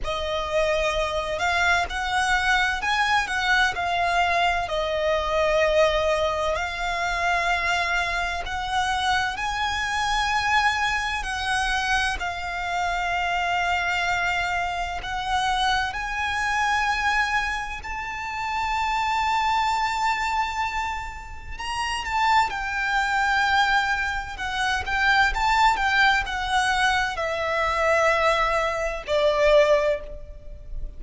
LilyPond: \new Staff \with { instrumentName = "violin" } { \time 4/4 \tempo 4 = 64 dis''4. f''8 fis''4 gis''8 fis''8 | f''4 dis''2 f''4~ | f''4 fis''4 gis''2 | fis''4 f''2. |
fis''4 gis''2 a''4~ | a''2. ais''8 a''8 | g''2 fis''8 g''8 a''8 g''8 | fis''4 e''2 d''4 | }